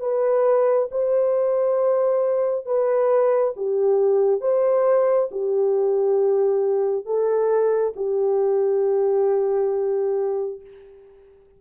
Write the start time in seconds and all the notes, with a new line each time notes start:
0.00 B4
0.91 C5
2.65 B4
3.56 G4
4.40 C5
5.31 G4
7.05 A4
7.96 G4